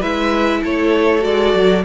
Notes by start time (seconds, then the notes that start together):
0.00 G#3 E4 B4 E5
0.63 A3 A4 C#5
1.20 G#3 F#4 D5
1.54 F#3